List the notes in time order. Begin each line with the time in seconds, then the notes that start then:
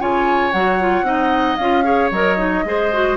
0.00 C#3 F4 C#5 G#5
0.52 F#3 F#4 F#5
0.80 F4
1.03 C4 D#4 D#5
1.57 C#4 F4 F5
1.84 G#4 C#5
2.11 F#3 A#4 D#5
2.38 D#4
2.65 G#3 G#4 C5
2.93 F#4